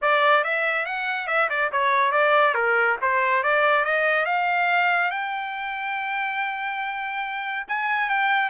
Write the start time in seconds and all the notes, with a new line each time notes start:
0.01 D5
0.44 E5
0.85 F#5
1.27 E5
1.49 D5
1.72 C#5
2.11 D5
2.54 A#4
3.01 C5
3.43 D5
3.85 D#5
4.25 F5
5.10 G5
7.68 G#5
8.09 G5